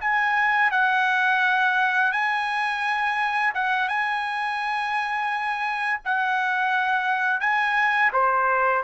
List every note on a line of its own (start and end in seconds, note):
0.00 0.71 G#5
0.71 2.12 F#5
2.12 3.53 G#5
3.54 3.88 F#5
3.88 6.00 G#5
6.04 7.40 F#5
7.40 8.11 G#5
8.13 8.83 C5